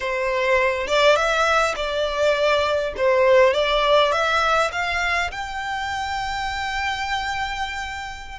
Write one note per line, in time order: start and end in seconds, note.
0.00 0.87 C5
0.87 1.16 D5
1.16 1.75 E5
1.76 2.93 D5
2.96 3.53 C5
3.53 4.12 D5
4.12 4.71 E5
4.72 5.30 F5
5.31 8.39 G5